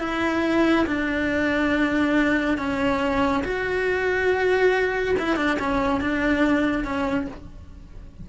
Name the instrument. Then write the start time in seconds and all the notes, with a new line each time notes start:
cello
0.00 E4
0.87 D4
2.58 C#4
3.44 F#4
5.19 E4
5.37 D4
5.59 C#4
6.01 D4
6.85 C#4